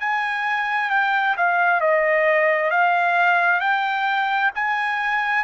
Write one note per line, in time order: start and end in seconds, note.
0.00 0.90 G#5
0.90 1.36 G5
1.37 1.81 F5
1.81 2.71 D#5
2.71 3.60 F5
3.60 4.51 G5
4.55 5.44 G#5